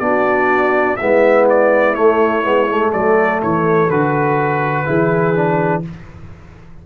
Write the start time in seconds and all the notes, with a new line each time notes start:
0.00 B3 D4 F#4 D5
0.97 G#3 B3 E4 E5
1.50 D5
1.95 A3 C#5
2.44 G#3 B3
2.69 A3
2.93 F#3 A4 D5
3.43 E3 C#5
3.90 D3 F#4 B4
4.86 E3 E4 G#4
5.35 D4